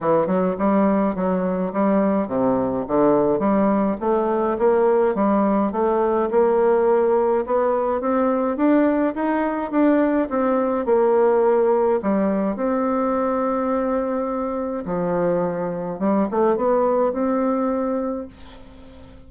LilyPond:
\new Staff \with { instrumentName = "bassoon" } { \time 4/4 \tempo 4 = 105 e8 fis8 g4 fis4 g4 | c4 d4 g4 a4 | ais4 g4 a4 ais4~ | ais4 b4 c'4 d'4 |
dis'4 d'4 c'4 ais4~ | ais4 g4 c'2~ | c'2 f2 | g8 a8 b4 c'2 | }